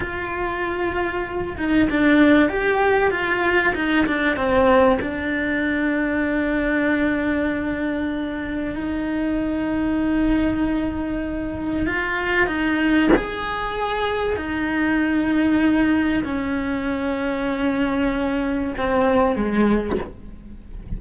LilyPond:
\new Staff \with { instrumentName = "cello" } { \time 4/4 \tempo 4 = 96 f'2~ f'8 dis'8 d'4 | g'4 f'4 dis'8 d'8 c'4 | d'1~ | d'2 dis'2~ |
dis'2. f'4 | dis'4 gis'2 dis'4~ | dis'2 cis'2~ | cis'2 c'4 gis4 | }